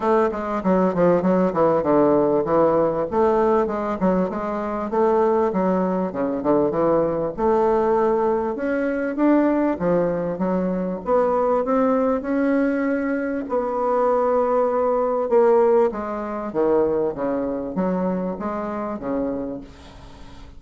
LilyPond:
\new Staff \with { instrumentName = "bassoon" } { \time 4/4 \tempo 4 = 98 a8 gis8 fis8 f8 fis8 e8 d4 | e4 a4 gis8 fis8 gis4 | a4 fis4 cis8 d8 e4 | a2 cis'4 d'4 |
f4 fis4 b4 c'4 | cis'2 b2~ | b4 ais4 gis4 dis4 | cis4 fis4 gis4 cis4 | }